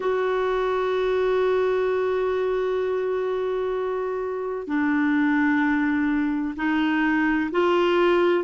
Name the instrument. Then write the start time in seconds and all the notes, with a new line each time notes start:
clarinet
0.00 F#4
4.67 D4
6.56 D#4
7.51 F4